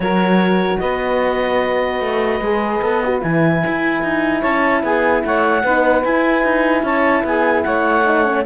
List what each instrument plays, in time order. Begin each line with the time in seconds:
0.00 cello F#3, horn F#4, saxophone A#4, clarinet C#5
0.79 cello B3, saxophone B4, clarinet D#5
2.00 cello A3
2.40 cello G#3, horn G#4
2.81 cello B3, horn A4
3.04 horn F#4
3.21 cello E3, horn E4, clarinet G#5
3.66 cello E4
4.03 cello D#4
4.40 cello C#4, saxophone C#5, clarinet A5
4.83 cello B3, saxophone G#4, clarinet G#5
5.24 cello A3, saxophone C#5, clarinet F#5
5.63 cello B3, horn D#4, saxophone B4
6.04 horn E4, cello E4, clarinet G#5
6.44 cello D#4
6.82 cello C#4, saxophone C#5, clarinet A5
7.23 cello B3, saxophone G#4, clarinet G#5
7.63 cello A3, saxophone C#5, clarinet F#5
8.04 horn D#4
8.24 horn C#4